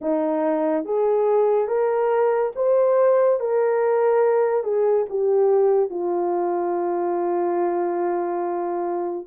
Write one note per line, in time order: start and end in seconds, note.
0.01 0.85 D#4
0.85 1.67 G#4
1.67 2.52 A#4
2.55 3.40 C5
3.40 4.63 A#4
4.63 5.06 G#4
5.09 5.90 G4
5.90 9.27 F4